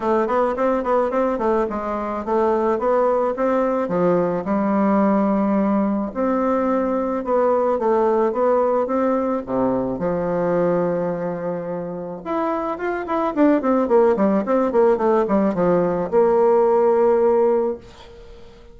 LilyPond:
\new Staff \with { instrumentName = "bassoon" } { \time 4/4 \tempo 4 = 108 a8 b8 c'8 b8 c'8 a8 gis4 | a4 b4 c'4 f4 | g2. c'4~ | c'4 b4 a4 b4 |
c'4 c4 f2~ | f2 e'4 f'8 e'8 | d'8 c'8 ais8 g8 c'8 ais8 a8 g8 | f4 ais2. | }